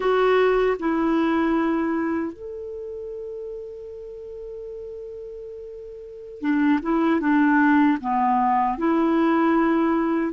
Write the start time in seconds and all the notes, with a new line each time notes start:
0.00 F#4
0.79 E4
2.32 A4
6.40 D4
6.82 E4
7.20 D4
8.00 B3
8.78 E4